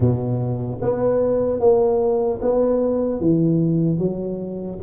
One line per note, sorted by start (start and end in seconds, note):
0.00 0.80 B2
0.81 1.60 B3
1.60 2.40 A#3
2.41 3.20 B3
3.20 3.98 E3
3.98 4.78 F#3